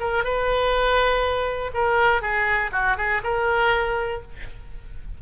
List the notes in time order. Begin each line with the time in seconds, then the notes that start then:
0.00 A#4
0.24 B4
1.74 A#4
2.22 G#4
2.72 F#4
2.97 G#4
3.23 A#4